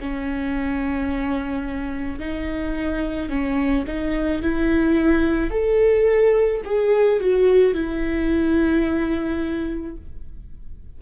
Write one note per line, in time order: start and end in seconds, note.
0.00 2.19 C#4
2.19 3.29 D#4
3.29 3.85 C#4
3.87 4.42 D#4
4.42 5.51 E4
5.51 6.62 A4
6.65 7.20 G#4
7.20 7.74 F#4
7.74 9.96 E4